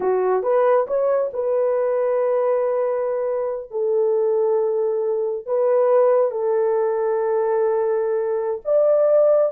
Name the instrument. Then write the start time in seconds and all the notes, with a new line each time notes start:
horn
0.00 F#4
0.42 B4
0.87 C#5
1.33 B4
3.70 A4
5.46 B4
6.31 A4
8.64 D5